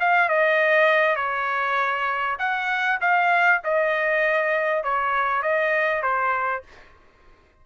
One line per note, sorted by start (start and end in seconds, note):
0.00 0.29 F5
0.29 1.16 D#5
1.16 2.37 C#5
2.39 2.99 F#5
3.01 3.61 F5
3.64 4.83 D#5
4.83 5.42 C#5
5.42 6.02 D#5
6.02 6.63 C5